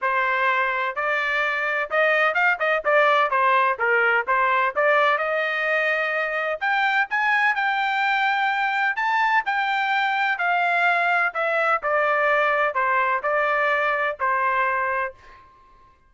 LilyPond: \new Staff \with { instrumentName = "trumpet" } { \time 4/4 \tempo 4 = 127 c''2 d''2 | dis''4 f''8 dis''8 d''4 c''4 | ais'4 c''4 d''4 dis''4~ | dis''2 g''4 gis''4 |
g''2. a''4 | g''2 f''2 | e''4 d''2 c''4 | d''2 c''2 | }